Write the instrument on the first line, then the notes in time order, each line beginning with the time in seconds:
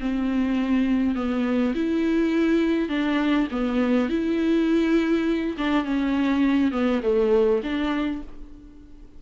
viola
0.00 C4
1.15 B3
1.75 E4
2.89 D4
3.51 B3
4.09 E4
5.57 D4
5.84 C#4
6.71 B3
7.03 A3
7.63 D4